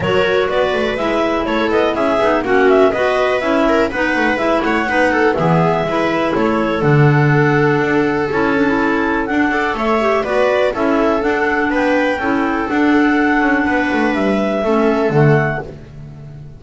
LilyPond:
<<
  \new Staff \with { instrumentName = "clarinet" } { \time 4/4 \tempo 4 = 123 cis''4 d''4 e''4 cis''8 dis''8 | e''4 fis''8 e''8 dis''4 e''4 | fis''4 e''8 fis''4. e''4~ | e''4 cis''4 fis''2~ |
fis''4 a''2 fis''4 | e''4 d''4 e''4 fis''4 | g''2 fis''2~ | fis''4 e''2 fis''4 | }
  \new Staff \with { instrumentName = "viola" } { \time 4/4 ais'4 b'2 a'4 | gis'4 fis'4 b'4. ais'8 | b'4. cis''8 b'8 a'8 gis'4 | b'4 a'2.~ |
a'2.~ a'8 d''8 | cis''4 b'4 a'2 | b'4 a'2. | b'2 a'2 | }
  \new Staff \with { instrumentName = "clarinet" } { \time 4/4 fis'2 e'2~ | e'8 dis'8 cis'4 fis'4 e'4 | dis'4 e'4 dis'4 b4 | e'2 d'2~ |
d'4 e'8 d'16 e'4~ e'16 d'8 a'8~ | a'8 g'8 fis'4 e'4 d'4~ | d'4 e'4 d'2~ | d'2 cis'4 a4 | }
  \new Staff \with { instrumentName = "double bass" } { \time 4/4 fis4 b8 a8 gis4 a8 b8 | cis'8 b8 ais4 b4 cis'4 | b8 a8 gis8 a8 b4 e4 | gis4 a4 d2 |
d'4 cis'2 d'4 | a4 b4 cis'4 d'4 | b4 cis'4 d'4. cis'8 | b8 a8 g4 a4 d4 | }
>>